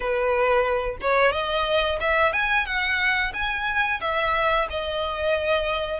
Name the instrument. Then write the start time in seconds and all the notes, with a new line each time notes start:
violin
0.00 B4
1.01 C#5
1.32 D#5
2.00 E5
2.32 G#5
2.65 F#5
3.33 G#5
4.01 E5
4.69 D#5